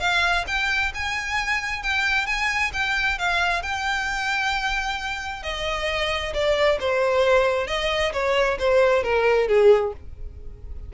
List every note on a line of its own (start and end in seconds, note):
0.00 0.45 F5
0.48 0.93 G5
0.95 1.83 G#5
1.83 2.26 G5
2.26 2.71 G#5
2.73 3.18 G5
3.19 3.63 F5
3.63 5.43 G5
5.43 6.33 D#5
6.34 6.79 D5
6.80 7.67 C5
7.67 8.12 D#5
8.13 8.58 C#5
8.59 9.03 C5
9.03 9.48 A#4
9.48 9.93 G#4